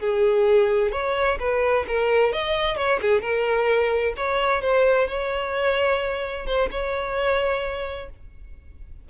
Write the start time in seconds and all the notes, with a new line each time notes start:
0.00 G#4
0.92 C#5
1.40 B4
1.88 A#4
2.33 D#5
2.77 C#5
3.02 G#4
3.22 A#4
4.17 C#5
4.62 C5
5.08 C#5
6.46 C5
6.71 C#5